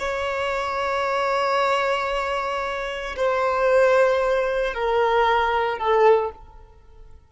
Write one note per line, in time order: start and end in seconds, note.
0.00 3.16 C#5
3.16 4.74 C5
4.74 5.78 A#4
5.78 6.31 A4